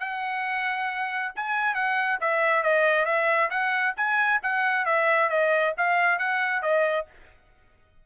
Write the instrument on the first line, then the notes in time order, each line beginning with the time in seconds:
trumpet
0.00 F#5
1.36 G#5
1.75 F#5
2.21 E5
2.63 D#5
3.05 E5
3.50 F#5
3.97 G#5
4.43 F#5
4.86 E5
5.30 D#5
5.77 F5
6.19 F#5
6.62 D#5